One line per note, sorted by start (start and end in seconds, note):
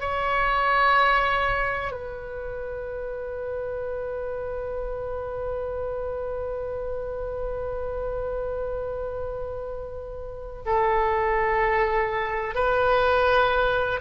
0.00 1.91 C#5
1.91 10.62 B4
10.65 12.55 A4
12.55 14.00 B4